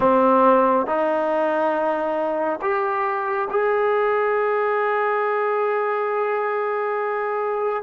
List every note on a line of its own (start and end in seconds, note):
0.00 0.86 C4
0.86 2.60 D#4
2.61 3.48 G4
3.50 7.83 G#4